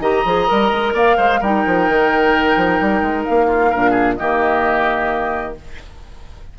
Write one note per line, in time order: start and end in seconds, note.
0.00 0.23 D#3
0.00 0.25 G4
0.00 0.94 D#5
0.00 0.95 A#5
0.25 0.49 F3
0.25 0.48 G#4
0.48 0.72 G3
0.48 1.40 A#4
0.72 0.94 G#3
0.94 1.17 A#3
0.94 1.17 D5
0.94 1.42 F5
1.17 1.41 G#3
1.17 1.40 C5
1.41 1.64 G3
1.41 3.74 D#4
1.41 3.47 A#4
1.41 3.25 G5
1.66 1.89 F3
1.89 2.56 D#3
2.56 2.80 F3
2.81 3.02 G3
3.02 3.25 G#3
3.25 3.75 A#3
3.25 4.16 F5
3.47 3.70 F4
3.70 4.21 A#2
3.70 4.18 D4
3.70 3.91 A#4
3.91 4.14 G#4
4.16 5.59 D#3
4.16 5.56 A#3
4.16 5.58 G4
4.16 5.55 D#5